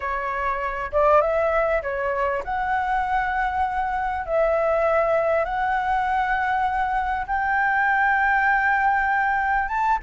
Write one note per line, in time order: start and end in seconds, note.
0.00 0.91 C#5
0.91 1.21 D5
1.21 1.82 E5
1.82 2.43 C#5
2.44 4.26 F#5
4.26 5.44 E5
5.44 7.26 F#5
7.26 9.68 G5
9.68 9.98 A5